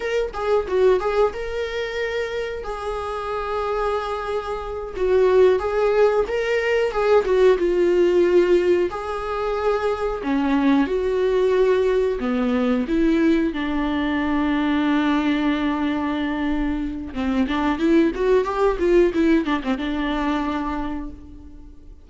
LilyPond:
\new Staff \with { instrumentName = "viola" } { \time 4/4 \tempo 4 = 91 ais'8 gis'8 fis'8 gis'8 ais'2 | gis'2.~ gis'8 fis'8~ | fis'8 gis'4 ais'4 gis'8 fis'8 f'8~ | f'4. gis'2 cis'8~ |
cis'8 fis'2 b4 e'8~ | e'8 d'2.~ d'8~ | d'2 c'8 d'8 e'8 fis'8 | g'8 f'8 e'8 d'16 c'16 d'2 | }